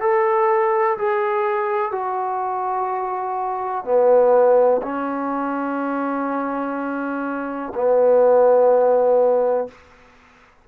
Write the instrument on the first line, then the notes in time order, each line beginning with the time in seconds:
trombone
0.00 A4
0.97 G#4
1.91 F#4
3.84 B3
4.82 C#4
7.74 B3